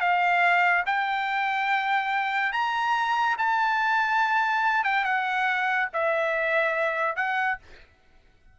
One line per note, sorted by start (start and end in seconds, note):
0.00 0.84 F5
0.86 2.53 G5
2.53 3.37 A#5
3.38 4.84 A5
4.84 5.05 G5
5.05 5.89 F#5
5.93 7.16 E5
7.16 7.58 F#5